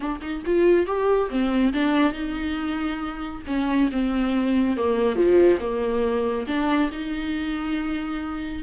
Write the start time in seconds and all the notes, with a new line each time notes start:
0.00 D4
0.21 D#4
0.45 F4
0.86 G4
1.29 C4
1.73 D4
2.12 D#4
3.46 C#4
3.91 C4
4.76 A#3
5.15 F3
5.60 A#3
6.47 D4
6.91 D#4